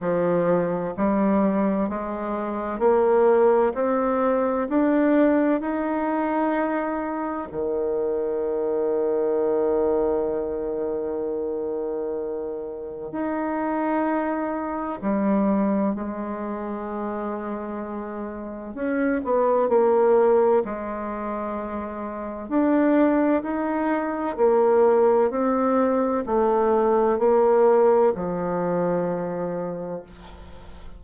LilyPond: \new Staff \with { instrumentName = "bassoon" } { \time 4/4 \tempo 4 = 64 f4 g4 gis4 ais4 | c'4 d'4 dis'2 | dis1~ | dis2 dis'2 |
g4 gis2. | cis'8 b8 ais4 gis2 | d'4 dis'4 ais4 c'4 | a4 ais4 f2 | }